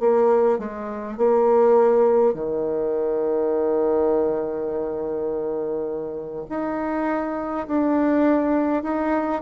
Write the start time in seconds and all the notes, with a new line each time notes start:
0.00 A#3
0.58 G#3
1.18 A#3
2.34 D#3
6.49 D#4
7.67 D4
8.83 D#4